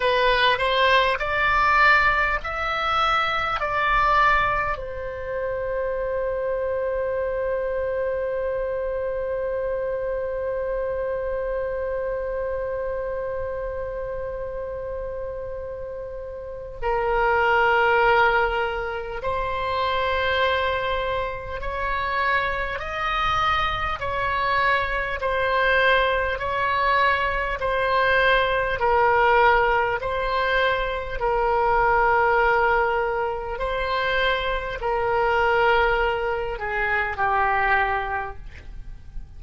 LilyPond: \new Staff \with { instrumentName = "oboe" } { \time 4/4 \tempo 4 = 50 b'8 c''8 d''4 e''4 d''4 | c''1~ | c''1~ | c''2 ais'2 |
c''2 cis''4 dis''4 | cis''4 c''4 cis''4 c''4 | ais'4 c''4 ais'2 | c''4 ais'4. gis'8 g'4 | }